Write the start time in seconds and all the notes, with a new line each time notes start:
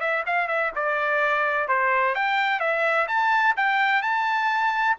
0.00 E5
0.26 F5
0.48 E5
0.75 D5
1.68 C5
2.15 G5
2.59 E5
3.07 A5
3.56 G5
4.02 A5